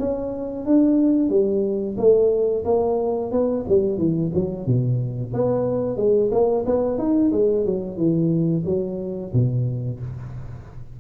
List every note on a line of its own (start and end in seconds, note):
0.00 0.66 C#4
0.66 1.30 D4
1.30 1.96 G3
1.98 2.64 A3
2.65 3.32 A#3
3.32 3.65 B3
3.68 3.98 G3
3.98 4.32 E3
4.34 4.67 F#3
4.67 5.33 B2
5.34 5.97 B3
5.97 6.31 G#3
6.32 6.65 A#3
6.66 6.98 B3
6.98 7.32 D#4
7.32 7.66 G#3
7.66 7.97 F#3
7.97 8.64 E3
8.66 9.32 F#3
9.34 10.00 B2